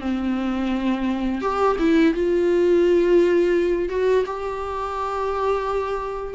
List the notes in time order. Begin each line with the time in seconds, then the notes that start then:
0.00 C4
1.41 G4
1.79 E4
2.14 F4
3.89 F#4
4.26 G4